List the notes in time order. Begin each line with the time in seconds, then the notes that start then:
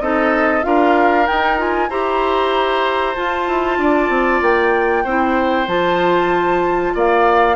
0.00 C4 D#4 A4 D#5
0.62 D4 F4 A#4 F5
1.25 D#4 G5
1.57 F4 G#5
1.89 E4 G4 C5 A#5
3.15 F4 A5
3.47 E4
3.78 D4 D5
4.09 C4
4.41 A#3 G5
5.04 C4 E4 C5
5.67 F3 F4 A5
6.95 A#3 D5 F5